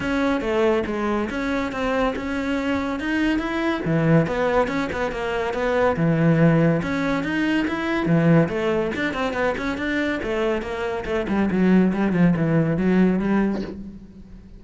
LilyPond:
\new Staff \with { instrumentName = "cello" } { \time 4/4 \tempo 4 = 141 cis'4 a4 gis4 cis'4 | c'4 cis'2 dis'4 | e'4 e4 b4 cis'8 b8 | ais4 b4 e2 |
cis'4 dis'4 e'4 e4 | a4 d'8 c'8 b8 cis'8 d'4 | a4 ais4 a8 g8 fis4 | g8 f8 e4 fis4 g4 | }